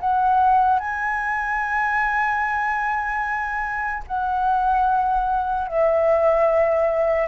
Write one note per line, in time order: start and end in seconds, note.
0.00 0.79 F#5
0.79 4.03 G#5
4.07 5.68 F#5
5.68 7.28 E5